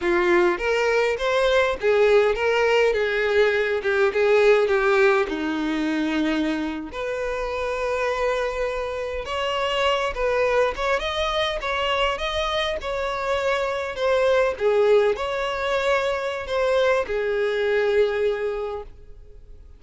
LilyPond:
\new Staff \with { instrumentName = "violin" } { \time 4/4 \tempo 4 = 102 f'4 ais'4 c''4 gis'4 | ais'4 gis'4. g'8 gis'4 | g'4 dis'2~ dis'8. b'16~ | b'2.~ b'8. cis''16~ |
cis''4~ cis''16 b'4 cis''8 dis''4 cis''16~ | cis''8. dis''4 cis''2 c''16~ | c''8. gis'4 cis''2~ cis''16 | c''4 gis'2. | }